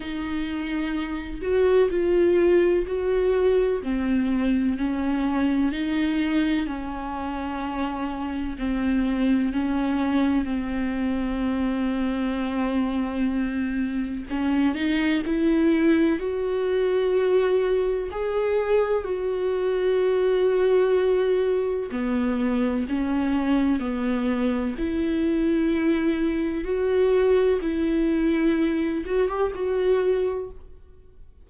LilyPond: \new Staff \with { instrumentName = "viola" } { \time 4/4 \tempo 4 = 63 dis'4. fis'8 f'4 fis'4 | c'4 cis'4 dis'4 cis'4~ | cis'4 c'4 cis'4 c'4~ | c'2. cis'8 dis'8 |
e'4 fis'2 gis'4 | fis'2. b4 | cis'4 b4 e'2 | fis'4 e'4. fis'16 g'16 fis'4 | }